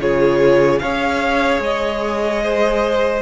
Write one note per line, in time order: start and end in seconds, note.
0.00 0.81 C#3
0.00 0.82 F4
0.00 0.82 G#4
0.00 0.80 C#5
0.80 1.60 C#4
0.80 3.22 G#4
0.80 2.43 C#5
0.80 1.61 F5
1.60 3.22 G#3
1.60 3.22 D#5
2.43 3.22 C5